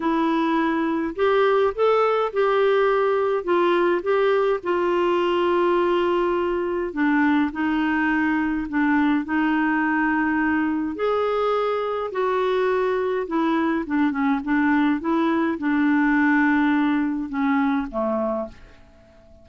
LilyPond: \new Staff \with { instrumentName = "clarinet" } { \time 4/4 \tempo 4 = 104 e'2 g'4 a'4 | g'2 f'4 g'4 | f'1 | d'4 dis'2 d'4 |
dis'2. gis'4~ | gis'4 fis'2 e'4 | d'8 cis'8 d'4 e'4 d'4~ | d'2 cis'4 a4 | }